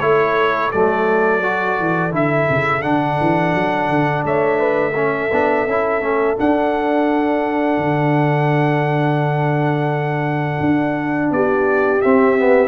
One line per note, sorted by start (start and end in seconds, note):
0.00 0.71 A3
0.00 0.72 E4
0.00 4.25 A4
0.00 0.71 C#5
0.72 1.79 F#3
0.72 1.43 A3
0.72 2.13 D5
1.43 2.11 F#4
1.79 2.12 E3
2.11 2.47 D3
2.11 2.82 E4
2.11 2.82 E5
2.49 2.83 C#3
2.82 3.19 D3
2.82 4.94 D4
2.82 4.23 F#5
3.20 3.55 E3
3.55 3.89 F#3
3.89 4.24 D3
4.24 5.30 A3
4.24 4.59 C#5
4.24 6.37 E5
4.59 4.92 B4
4.92 5.30 C#4
4.92 11.27 A4
5.32 5.67 B3
5.32 5.68 D4
5.67 6.02 C#4
5.67 6.01 E4
6.01 6.37 A3
6.01 6.36 C#4
6.36 12.01 D4
6.36 7.77 D4
6.36 11.32 F#5
7.77 10.60 D3
10.60 11.31 D4
11.31 12.01 B3
11.31 12.68 G4
11.31 12.01 D5
12.01 12.38 C4
12.01 12.68 C4
12.01 12.68 E5
12.38 12.68 B3